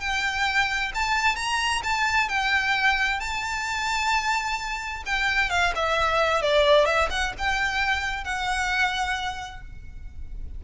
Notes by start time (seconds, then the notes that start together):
0.00 G5
0.95 A5
1.36 A#5
1.84 A5
2.29 G5
3.20 A5
5.06 G5
5.50 F5
5.75 E5
6.42 D5
6.86 E5
7.10 F#5
7.38 G5
8.24 F#5